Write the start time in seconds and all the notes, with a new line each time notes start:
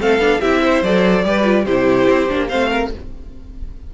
0.00 A3 C4 A4 F5
0.19 B3 D4
0.41 C4 E4 G4 E5
0.62 C5
0.82 F#3 A4 D5
1.24 G3 G4 B4
1.44 F4
1.65 C3 E4 G4 C5
2.09 C4
2.28 A#3 D4
2.48 A3 C4 C5 F5
2.70 A#4